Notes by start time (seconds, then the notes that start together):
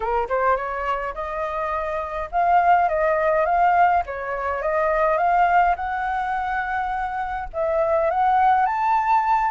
0.00 A#4
0.29 C5
0.56 C#5
1.14 D#5
2.31 F5
2.88 D#5
3.45 F5
4.06 C#5
4.62 D#5
5.17 F5
5.75 F#5
7.53 E5
8.10 F#5
8.66 A5